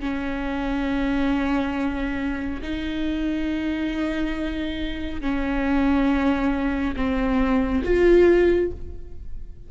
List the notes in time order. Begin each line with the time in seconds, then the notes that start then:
0.00 C#4
2.62 D#4
5.21 C#4
6.96 C4
7.84 F4